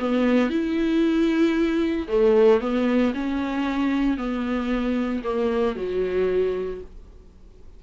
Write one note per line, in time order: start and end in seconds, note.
0.00 0.50 B3
0.50 2.08 E4
2.08 2.61 A3
2.61 3.14 B3
3.15 4.18 C#4
4.18 5.23 B3
5.24 5.76 A#3
5.76 6.82 F#3